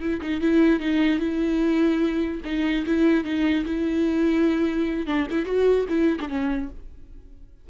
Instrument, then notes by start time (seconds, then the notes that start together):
viola
0.00 E4
0.21 D#4
0.41 E4
0.80 D#4
1.19 E4
2.45 D#4
2.86 E4
3.24 D#4
3.65 E4
5.07 D4
5.30 E4
5.45 F#4
5.89 E4
6.20 D4
6.28 C#4